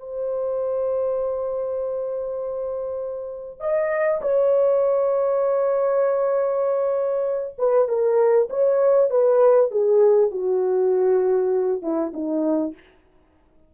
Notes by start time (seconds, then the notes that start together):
0.00 C5
3.61 D#5
4.22 C#5
7.59 B4
7.88 A#4
8.50 C#5
9.11 B4
9.72 G#4
10.32 F#4
11.83 E4
12.14 D#4